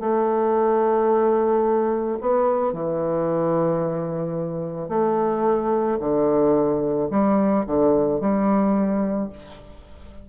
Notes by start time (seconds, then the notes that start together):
0.00 A3
2.21 B3
2.73 E3
4.89 A3
6.00 D3
7.10 G3
7.67 D3
8.20 G3